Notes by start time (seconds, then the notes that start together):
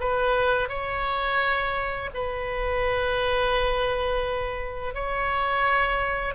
0.00 B4
0.69 C#5
2.14 B4
4.94 C#5